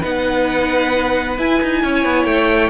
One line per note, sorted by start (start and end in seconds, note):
0.00 1.38 B3
0.00 1.37 D#4
0.00 1.80 B4
0.00 1.38 F#5
1.38 1.61 E4
1.38 2.70 E4
1.38 2.25 G#5
1.62 1.83 D#4
1.83 2.04 C#4
1.83 2.70 C#5
2.04 2.24 B3
2.24 2.69 A3
2.24 2.70 G5